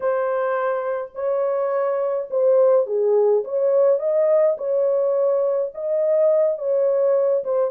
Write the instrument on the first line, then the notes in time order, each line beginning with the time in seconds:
horn
0.00 C5
1.14 C#5
2.30 C5
2.86 G#4
3.44 C#5
3.99 D#5
4.57 C#5
5.74 D#5
6.58 C#5
7.43 C5